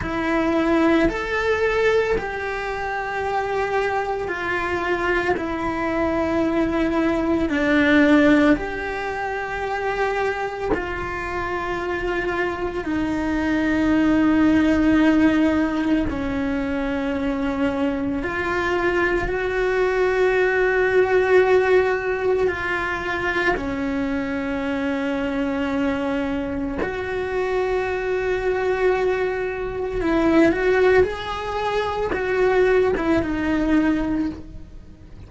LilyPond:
\new Staff \with { instrumentName = "cello" } { \time 4/4 \tempo 4 = 56 e'4 a'4 g'2 | f'4 e'2 d'4 | g'2 f'2 | dis'2. cis'4~ |
cis'4 f'4 fis'2~ | fis'4 f'4 cis'2~ | cis'4 fis'2. | e'8 fis'8 gis'4 fis'8. e'16 dis'4 | }